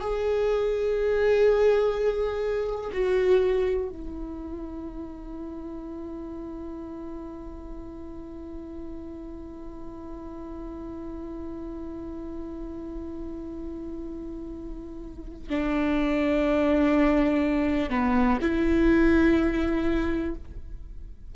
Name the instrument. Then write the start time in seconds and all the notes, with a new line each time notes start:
viola
0.00 G#4
2.92 F#4
3.89 E4
15.49 D4
17.89 B3
18.41 E4